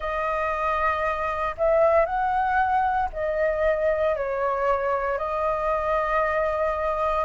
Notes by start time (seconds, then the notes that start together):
0.00 D#5
1.58 E5
2.05 F#5
3.13 D#5
4.16 C#5
5.17 D#5